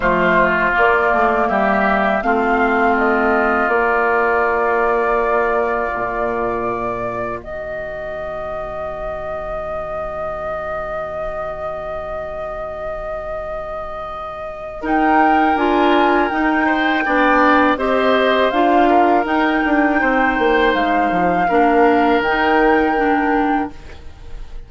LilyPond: <<
  \new Staff \with { instrumentName = "flute" } { \time 4/4 \tempo 4 = 81 c''4 d''4 e''4 f''4 | dis''4 d''2.~ | d''2 dis''2~ | dis''1~ |
dis''1 | g''4 gis''4 g''2 | dis''4 f''4 g''2 | f''2 g''2 | }
  \new Staff \with { instrumentName = "oboe" } { \time 4/4 f'2 g'4 f'4~ | f'1~ | f'2 fis'2~ | fis'1~ |
fis'1 | ais'2~ ais'8 c''8 d''4 | c''4. ais'4. c''4~ | c''4 ais'2. | }
  \new Staff \with { instrumentName = "clarinet" } { \time 4/4 a4 ais2 c'4~ | c'4 ais2.~ | ais1~ | ais1~ |
ais1 | dis'4 f'4 dis'4 d'4 | g'4 f'4 dis'2~ | dis'4 d'4 dis'4 d'4 | }
  \new Staff \with { instrumentName = "bassoon" } { \time 4/4 f4 ais8 a8 g4 a4~ | a4 ais2. | ais,2 dis2~ | dis1~ |
dis1 | dis'4 d'4 dis'4 b4 | c'4 d'4 dis'8 d'8 c'8 ais8 | gis8 f8 ais4 dis2 | }
>>